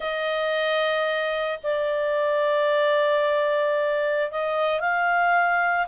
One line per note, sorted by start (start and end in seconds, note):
0.00 1.58 D#5
1.63 4.31 D5
4.31 4.80 D#5
4.80 5.87 F5